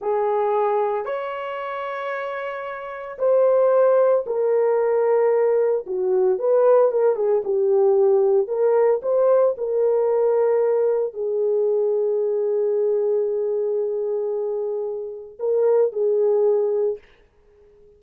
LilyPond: \new Staff \with { instrumentName = "horn" } { \time 4/4 \tempo 4 = 113 gis'2 cis''2~ | cis''2 c''2 | ais'2. fis'4 | b'4 ais'8 gis'8 g'2 |
ais'4 c''4 ais'2~ | ais'4 gis'2.~ | gis'1~ | gis'4 ais'4 gis'2 | }